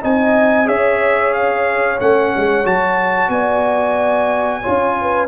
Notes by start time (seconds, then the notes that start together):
0.00 C4 D#4 D#5 G#5
0.65 C#4 G#4 C#5 E5
1.33 F5
2.00 A3 C#4 F#5
2.36 G#3
2.64 F#3 F#4 A5
3.28 B3 D5 G#5
4.61 F4 C#5
4.67 C#4
5.00 B4